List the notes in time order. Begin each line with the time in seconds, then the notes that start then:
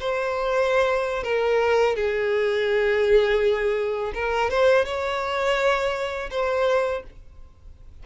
0.00 C5
1.24 A#4
1.96 G#4
4.15 A#4
4.50 C5
4.86 C#5
6.31 C5